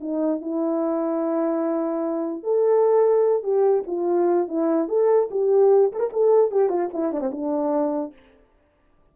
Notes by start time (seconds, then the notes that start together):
0.00 D#4
0.41 E4
2.43 A4
3.43 G4
3.86 F4
4.47 E4
4.88 A4
5.30 G4
5.92 A4
5.99 A#4
6.12 A4
6.51 G4
6.69 F4
6.93 E4
7.12 D4
7.20 C4
7.31 D4